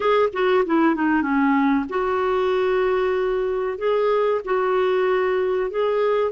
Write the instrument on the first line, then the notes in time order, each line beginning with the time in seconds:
clarinet
0.00 G#4
0.32 F#4
0.65 E4
0.95 D#4
1.21 C#4
1.89 F#4
3.78 G#4
4.44 F#4
5.70 G#4